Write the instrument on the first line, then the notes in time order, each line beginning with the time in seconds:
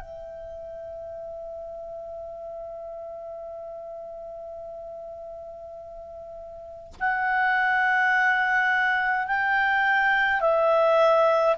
clarinet
0.00 E5
7.00 F#5
9.27 G5
10.41 E5